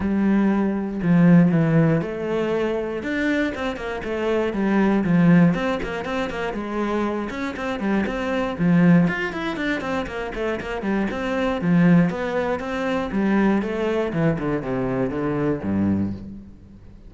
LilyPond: \new Staff \with { instrumentName = "cello" } { \time 4/4 \tempo 4 = 119 g2 f4 e4 | a2 d'4 c'8 ais8 | a4 g4 f4 c'8 ais8 | c'8 ais8 gis4. cis'8 c'8 g8 |
c'4 f4 f'8 e'8 d'8 c'8 | ais8 a8 ais8 g8 c'4 f4 | b4 c'4 g4 a4 | e8 d8 c4 d4 g,4 | }